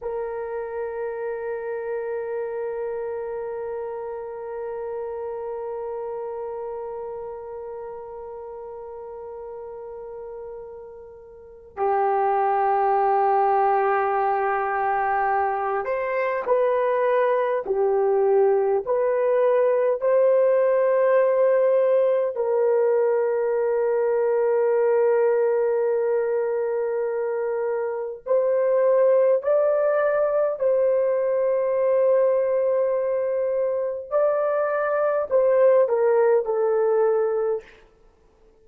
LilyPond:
\new Staff \with { instrumentName = "horn" } { \time 4/4 \tempo 4 = 51 ais'1~ | ais'1~ | ais'2 g'2~ | g'4. c''8 b'4 g'4 |
b'4 c''2 ais'4~ | ais'1 | c''4 d''4 c''2~ | c''4 d''4 c''8 ais'8 a'4 | }